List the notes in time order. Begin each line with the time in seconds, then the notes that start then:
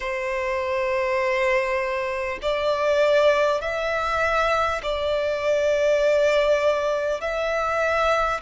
0.00 C5
2.42 D5
3.61 E5
4.83 D5
7.20 E5